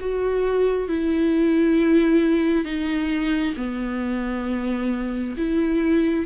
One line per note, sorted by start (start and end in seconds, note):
0.00 0.88 F#4
0.88 2.65 E4
2.65 3.54 D#4
3.57 5.36 B3
5.37 6.26 E4